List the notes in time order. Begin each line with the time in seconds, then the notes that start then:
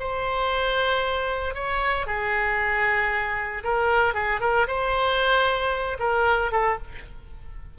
0.00 C5
1.55 C#5
2.07 G#4
3.64 A#4
4.15 G#4
4.41 A#4
4.67 C5
6.00 A#4
6.52 A4